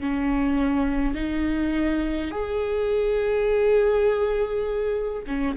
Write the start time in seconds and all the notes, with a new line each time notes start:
0.00 C#4
1.15 D#4
2.32 G#4
5.27 C#4